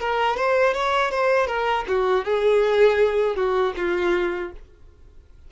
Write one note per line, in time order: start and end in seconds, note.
0.00 0.36 A#4
0.36 0.73 C5
0.73 1.11 C#5
1.11 1.47 C5
1.47 1.84 A#4
1.87 2.24 F#4
2.24 3.35 G#4
3.35 3.73 F#4
3.76 4.51 F4